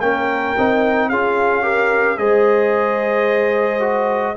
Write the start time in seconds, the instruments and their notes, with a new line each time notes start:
0.00 tuba A#3, trombone C#4, horn A#4, trumpet G5
0.57 tuba C4, trombone D#4
1.09 tuba C#4, trombone F4, horn G#4, trumpet F5
1.62 trombone G4, horn A#4
2.17 tuba G#3, trombone G#4, horn C5, trumpet D#5
3.80 trombone F#4